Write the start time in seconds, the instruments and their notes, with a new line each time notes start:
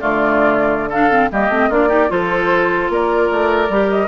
0.00 bassoon D3, clarinet A3, oboe F4, flute D5
0.89 clarinet D4, oboe A4, flute F5
1.10 clarinet C4
1.31 bassoon G3, clarinet A#3, oboe G4, flute D#5
1.49 bassoon A3, clarinet C4
1.69 bassoon A#3, clarinet D4, oboe F4, flute D5
1.87 clarinet D#4, oboe G4
2.08 bassoon F3, clarinet F4, oboe A4, flute C5
2.89 bassoon A#3, oboe A#4, flute D5
3.31 bassoon A3
3.69 bassoon G3, clarinet G4
3.90 flute D#5